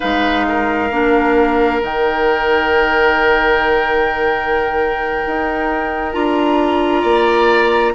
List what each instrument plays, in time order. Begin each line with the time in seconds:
0.00 bassoon G#3, clarinet D#4, oboe B4, flute F5
0.48 oboe A#4
0.90 bassoon A#3, clarinet D4
1.82 bassoon D#3, clarinet D#4, flute G5
5.26 bassoon D#4
6.12 bassoon D4, clarinet F4, flute A#5
7.01 bassoon A#3, oboe D5